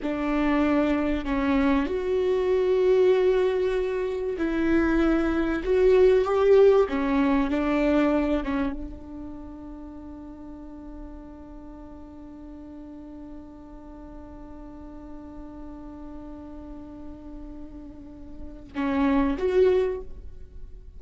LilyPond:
\new Staff \with { instrumentName = "viola" } { \time 4/4 \tempo 4 = 96 d'2 cis'4 fis'4~ | fis'2. e'4~ | e'4 fis'4 g'4 cis'4 | d'4. cis'8 d'2~ |
d'1~ | d'1~ | d'1~ | d'2 cis'4 fis'4 | }